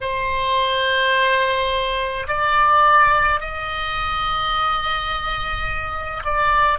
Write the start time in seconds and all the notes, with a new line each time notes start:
0.01 C5
2.27 D5
3.40 D#5
6.24 D5